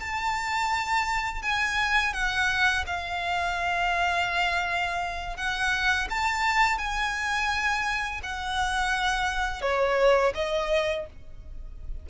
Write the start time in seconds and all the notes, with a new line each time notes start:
0.00 A5
1.42 G#5
2.13 F#5
2.87 F5
5.36 F#5
6.10 A5
6.78 G#5
8.23 F#5
9.62 C#5
10.35 D#5